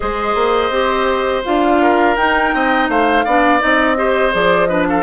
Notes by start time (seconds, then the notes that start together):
0.00 G#3 G#4 C5 D#5
0.35 A#3
0.70 C4 G4
1.44 D4 F4 F5
1.82 A#4
2.16 D#4 G5
2.53 C4 D#5
2.88 A3 C5 F5
3.24 B3 D4 D5
3.59 C4 D#4 D#5
3.96 G4 C5
4.31 F3 G#4 D5
4.65 D4 B4 D#5
4.88 A4 F5